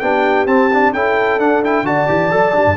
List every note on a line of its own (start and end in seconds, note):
0.00 0.46 B3
0.00 0.47 D4
0.00 0.93 G4
0.00 0.46 G5
0.46 0.92 C4
0.46 0.70 C4
0.46 0.93 A5
0.73 0.95 D4
0.93 1.38 C#4
0.93 1.40 E4
0.93 1.86 A4
0.93 1.40 G5
1.38 1.83 D4
1.38 1.63 D4
1.38 1.63 F#5
1.63 1.85 E4
1.63 1.86 G5
1.83 2.06 D3
1.83 2.07 F#4
1.83 2.77 D5
1.83 2.77 A5
2.07 2.32 E3
2.07 2.30 G4
2.30 2.55 F#3
2.30 2.53 A4
2.53 2.65 G3
2.53 2.76 D4
2.65 2.77 G2